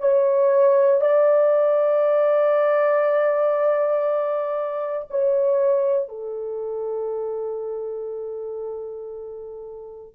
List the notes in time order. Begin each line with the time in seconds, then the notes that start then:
0.00 C#5
1.01 D5
5.10 C#5
6.09 A4